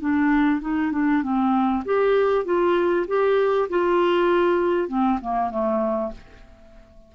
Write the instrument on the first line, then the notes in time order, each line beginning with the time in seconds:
clarinet
0.00 D4
0.61 D#4
0.92 D4
1.22 C4
1.85 G4
2.45 F4
3.07 G4
3.69 F4
4.88 C4
5.21 A#3
5.50 A3